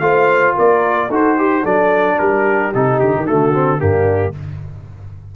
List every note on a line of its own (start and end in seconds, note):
0.00 0.55 A3
0.00 1.10 F4
0.00 0.56 C5
0.00 0.54 F5
0.56 1.10 A#3
0.56 1.09 A#4
0.56 1.13 D5
1.09 1.64 D#4
1.09 1.39 F#4
1.09 1.36 A4
1.09 1.66 C5
1.37 1.62 G4
1.37 1.65 G4
1.62 2.19 F#3
1.62 2.73 D4
1.62 2.16 A4
1.62 2.19 D5
2.18 2.75 G3
2.18 3.26 G4
2.18 2.73 A#4
2.75 3.01 C3
2.75 3.27 D#4
2.75 3.00 A4
3.00 3.14 D3
3.00 3.27 G4
3.17 3.30 D#3
3.26 3.82 D3
3.26 3.54 A3
3.26 3.80 F#4
3.26 3.81 A4
3.54 3.78 C4
3.78 4.36 G2
3.78 4.33 A#3
3.78 4.35 D4
3.78 4.35 G4